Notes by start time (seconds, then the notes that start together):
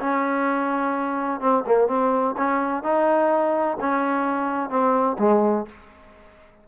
0.00 C#4
1.40 C4
1.66 A#3
1.88 C4
2.37 C#4
2.83 D#4
3.80 C#4
4.70 C4
5.19 G#3